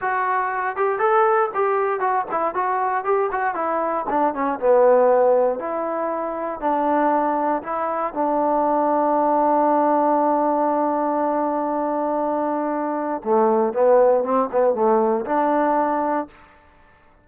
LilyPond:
\new Staff \with { instrumentName = "trombone" } { \time 4/4 \tempo 4 = 118 fis'4. g'8 a'4 g'4 | fis'8 e'8 fis'4 g'8 fis'8 e'4 | d'8 cis'8 b2 e'4~ | e'4 d'2 e'4 |
d'1~ | d'1~ | d'2 a4 b4 | c'8 b8 a4 d'2 | }